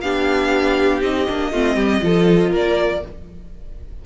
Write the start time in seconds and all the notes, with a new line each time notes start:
0.00 B3 D4 G4 F5
1.01 C4 D#4 D#5
1.28 A#3 D4
1.51 A3 C4 F4
1.75 G3 G4
2.01 F3 F4 A4
2.51 A#3 A#4 D5